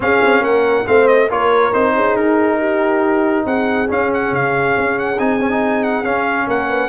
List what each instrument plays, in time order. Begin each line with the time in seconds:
0.00 tuba C#4, trombone C#4, horn G#4, trumpet F5
0.21 tuba C4
0.41 tuba A#3, horn A#4, trumpet F#5
0.85 tuba A3, trombone C4, horn C5, trumpet F5
1.07 trumpet D#5
1.28 tuba A#3, trombone F4, horn A#4, trumpet C#5
1.72 tuba C4, trombone D#4, trumpet C5
1.95 tuba C#4, horn G#4
2.15 tuba D#4, trumpet A#4
2.59 horn G4
3.45 tuba C4, horn G#4, trumpet F#5
3.87 trombone C#4, tuba C#4, trumpet F5
4.13 trumpet F#5
4.31 tuba C#3, trumpet F5
4.77 tuba C#4
4.98 trumpet F#5
5.18 tuba C4, trombone D#4, trumpet G#5
5.40 trombone C#4
5.49 trombone D#4
5.83 trumpet F#5
6.03 tuba C#4, trombone C#4, trumpet F5
6.47 tuba A#3, horn A#4, trumpet F#5
6.68 horn B4